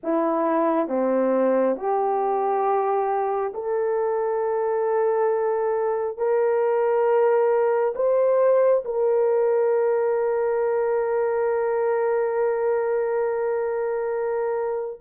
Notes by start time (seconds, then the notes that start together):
0.03 E4
0.88 C4
1.76 G4
3.54 A4
6.17 A#4
7.95 C5
8.85 A#4